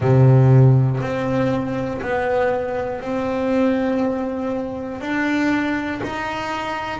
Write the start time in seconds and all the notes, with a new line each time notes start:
0.00 C3
1.00 C4
2.01 B3
3.00 C4
5.00 D4
6.03 D#4